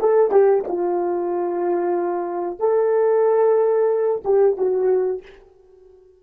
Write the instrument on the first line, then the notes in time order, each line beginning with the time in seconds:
horn
0.00 A4
0.31 G4
0.67 F4
2.59 A4
4.24 G4
4.57 F#4